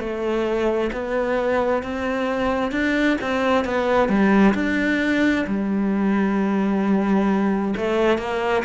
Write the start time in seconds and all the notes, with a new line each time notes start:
0.00 A3
0.93 B3
1.83 C4
2.72 D4
3.21 C4
3.65 B3
4.09 G3
4.55 D4
5.47 G3
7.77 A3
8.19 A#3